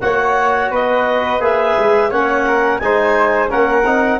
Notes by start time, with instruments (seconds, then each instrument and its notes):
0.00 tuba A#3, trombone F#4, flute C#5, clarinet F#5
0.70 tuba B3, flute B4, clarinet D#5
1.39 tuba A#3, trombone G#4, clarinet E5
1.76 tuba G#3
2.09 tuba A#3, trombone C#4, flute C#5, clarinet F#5
2.47 flute A#4
2.78 tuba G#3, trombone D#4, flute C5, clarinet G#5
3.48 tuba A#3, trombone C#4, flute A#4, clarinet F#5
3.84 tuba C4, trombone D#4